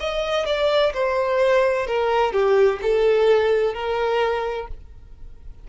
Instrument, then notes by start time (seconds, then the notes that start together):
violin
0.00 D#5
0.46 D5
0.93 C5
1.87 A#4
2.33 G4
2.82 A4
3.74 A#4